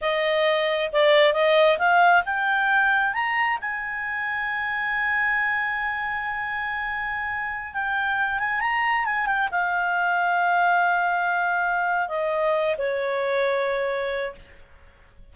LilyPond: \new Staff \with { instrumentName = "clarinet" } { \time 4/4 \tempo 4 = 134 dis''2 d''4 dis''4 | f''4 g''2 ais''4 | gis''1~ | gis''1~ |
gis''4~ gis''16 g''4. gis''8 ais''8.~ | ais''16 gis''8 g''8 f''2~ f''8.~ | f''2. dis''4~ | dis''8 cis''2.~ cis''8 | }